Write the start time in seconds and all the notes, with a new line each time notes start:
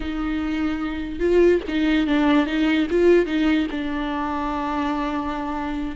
0.00 D#4
1.19 F4
1.68 D#4
2.07 D4
2.46 D#4
2.90 F4
3.26 D#4
3.70 D4